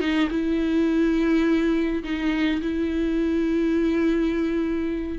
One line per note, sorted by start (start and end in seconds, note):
0.00 0.29 D#4
0.30 2.03 E4
2.04 2.62 D#4
2.62 5.19 E4